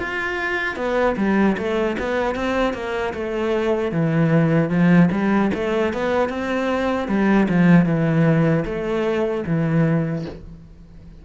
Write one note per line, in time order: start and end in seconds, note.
0.00 0.76 F4
0.76 1.16 B3
1.17 1.56 G3
1.58 1.97 A3
1.99 2.35 B3
2.35 2.74 C4
2.74 3.13 A#3
3.14 3.92 A3
3.92 4.70 E3
4.70 5.09 F3
5.12 5.51 G3
5.54 5.93 A3
5.93 6.29 B3
6.29 7.08 C4
7.08 7.48 G3
7.49 7.86 F3
7.86 8.64 E3
8.65 9.44 A3
9.47 10.26 E3